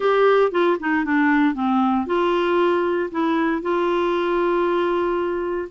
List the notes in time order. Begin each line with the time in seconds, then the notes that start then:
0.00 G4
0.51 F4
0.79 D#4
1.05 D4
1.54 C4
2.06 F4
3.11 E4
3.61 F4